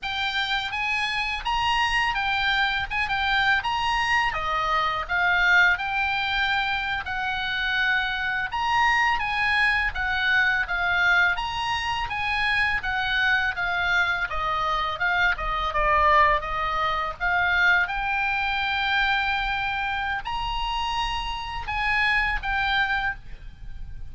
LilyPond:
\new Staff \with { instrumentName = "oboe" } { \time 4/4 \tempo 4 = 83 g''4 gis''4 ais''4 g''4 | gis''16 g''8. ais''4 dis''4 f''4 | g''4.~ g''16 fis''2 ais''16~ | ais''8. gis''4 fis''4 f''4 ais''16~ |
ais''8. gis''4 fis''4 f''4 dis''16~ | dis''8. f''8 dis''8 d''4 dis''4 f''16~ | f''8. g''2.~ g''16 | ais''2 gis''4 g''4 | }